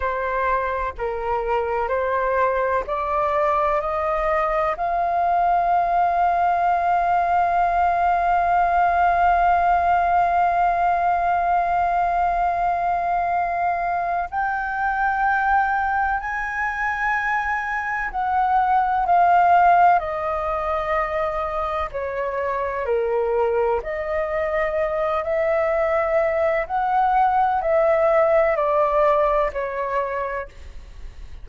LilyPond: \new Staff \with { instrumentName = "flute" } { \time 4/4 \tempo 4 = 63 c''4 ais'4 c''4 d''4 | dis''4 f''2.~ | f''1~ | f''2. g''4~ |
g''4 gis''2 fis''4 | f''4 dis''2 cis''4 | ais'4 dis''4. e''4. | fis''4 e''4 d''4 cis''4 | }